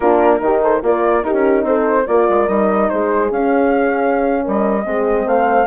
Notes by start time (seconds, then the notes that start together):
0.00 A#3 D4 F4 A#4
0.40 D#3 D#4 G4
0.62 A4 C5
0.82 A#3 F4 A#4 D5
1.22 D#4 G4 A#4
1.32 C#4
1.63 C4 A4 C5
2.06 A#3 F4 A#4 D5
2.29 G#3
2.47 G3 D#4 D#5
2.89 G#3 G#4 C5
3.30 C#4 F5
4.44 G3 A#4 D#5
4.84 G#3 C4 G#4
5.25 A3 C5 F5